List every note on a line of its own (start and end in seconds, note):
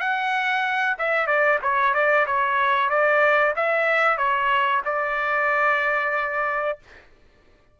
0.00 0.97 F#5
0.99 1.27 E5
1.27 1.59 D5
1.62 1.94 C#5
1.94 2.26 D5
2.26 2.89 C#5
2.89 3.54 D5
3.56 4.17 E5
4.17 4.82 C#5
4.85 6.79 D5